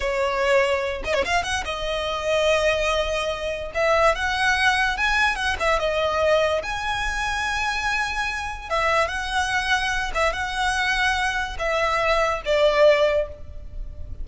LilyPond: \new Staff \with { instrumentName = "violin" } { \time 4/4 \tempo 4 = 145 cis''2~ cis''8 dis''16 cis''16 f''8 fis''8 | dis''1~ | dis''4 e''4 fis''2 | gis''4 fis''8 e''8 dis''2 |
gis''1~ | gis''4 e''4 fis''2~ | fis''8 e''8 fis''2. | e''2 d''2 | }